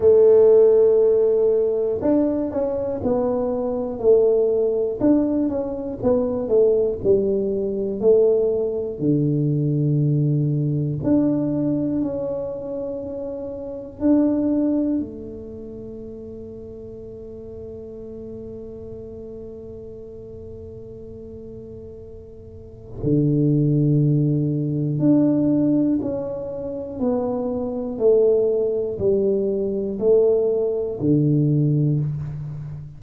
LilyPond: \new Staff \with { instrumentName = "tuba" } { \time 4/4 \tempo 4 = 60 a2 d'8 cis'8 b4 | a4 d'8 cis'8 b8 a8 g4 | a4 d2 d'4 | cis'2 d'4 a4~ |
a1~ | a2. d4~ | d4 d'4 cis'4 b4 | a4 g4 a4 d4 | }